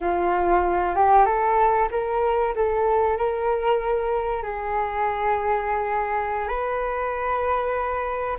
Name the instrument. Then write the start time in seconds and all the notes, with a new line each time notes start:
flute
0.00 F4
0.95 G4
1.25 A4
1.91 A#4
2.55 A4
3.17 A#4
4.42 G#4
6.47 B4